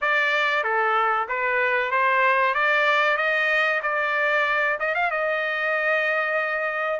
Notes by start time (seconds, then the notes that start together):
0.01 D5
0.63 A4
1.28 B4
1.91 C5
2.54 D5
3.17 D#5
3.82 D5
4.79 D#5
4.94 F5
5.10 D#5